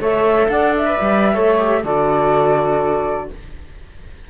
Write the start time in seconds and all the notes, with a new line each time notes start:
0.00 A3 A4 C#5 E5
0.49 D4 D5 F#5
0.78 E5
0.86 B4
1.01 G3
1.33 A3 A4 C#5
1.58 G4
1.84 D3 F#4 A4 D5